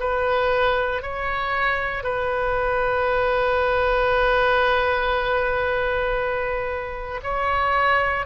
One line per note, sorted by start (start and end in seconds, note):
0.00 1.03 B4
1.03 2.04 C#5
2.04 7.21 B4
7.23 8.26 C#5